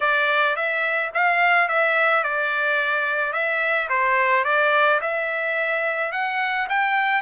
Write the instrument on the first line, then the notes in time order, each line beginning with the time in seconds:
trumpet
0.00 D5
0.56 E5
1.14 F5
1.68 E5
2.23 D5
3.33 E5
3.89 C5
4.44 D5
5.01 E5
6.12 F#5
6.69 G5